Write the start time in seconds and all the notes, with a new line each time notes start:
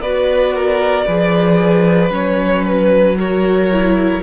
0.00 B3 F#4 B4 D5
0.55 A#4
1.06 F3 G#4 B4
2.10 F#3 C#4 C#5
2.65 B4
3.18 F#4 A#4 C#5
3.71 E4